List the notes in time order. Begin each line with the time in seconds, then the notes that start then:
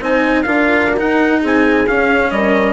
0.00 C4 D#4 C5 G#5
0.42 D4 F4 A#4 F5
0.90 F#4
0.97 D#4 F#5
1.41 C4 G#4 G#5
1.87 C#4 F5
2.31 G3 A#4 D#5